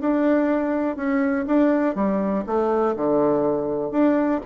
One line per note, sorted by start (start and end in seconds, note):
0.00 0.96 D4
0.96 1.45 C#4
1.46 1.95 D4
1.95 2.44 G3
2.46 2.95 A3
2.96 3.91 D3
3.91 4.40 D4